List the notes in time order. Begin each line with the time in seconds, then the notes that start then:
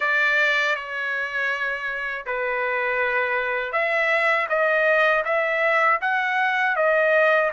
0.00 D5
0.75 C#5
2.25 B4
3.72 E5
4.49 D#5
5.24 E5
6.01 F#5
6.76 D#5